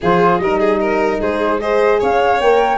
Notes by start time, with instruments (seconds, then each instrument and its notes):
0.01 tuba F3, horn F4, violin G#4, flute C5
0.38 tuba G3, horn D#4, violin A#4, flute D#5
0.59 violin G#4
0.80 violin A#4
1.20 tuba G#3, violin G#4, flute C5
1.59 horn G#4, violin C5, flute D#5
1.99 tuba C#4, violin C#5, flute F5
2.39 tuba A#3, horn A#4, flute G5